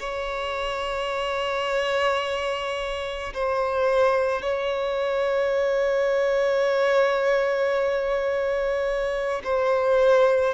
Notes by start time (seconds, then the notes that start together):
0.00 C#5
3.34 C5
4.42 C#5
9.44 C5